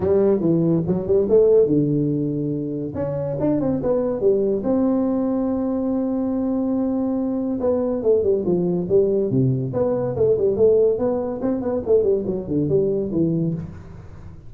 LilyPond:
\new Staff \with { instrumentName = "tuba" } { \time 4/4 \tempo 4 = 142 g4 e4 fis8 g8 a4 | d2. cis'4 | d'8 c'8 b4 g4 c'4~ | c'1~ |
c'2 b4 a8 g8 | f4 g4 c4 b4 | a8 g8 a4 b4 c'8 b8 | a8 g8 fis8 d8 g4 e4 | }